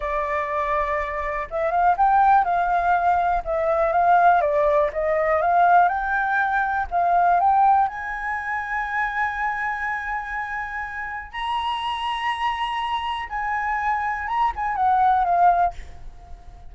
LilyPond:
\new Staff \with { instrumentName = "flute" } { \time 4/4 \tempo 4 = 122 d''2. e''8 f''8 | g''4 f''2 e''4 | f''4 d''4 dis''4 f''4 | g''2 f''4 g''4 |
gis''1~ | gis''2. ais''4~ | ais''2. gis''4~ | gis''4 ais''8 gis''8 fis''4 f''4 | }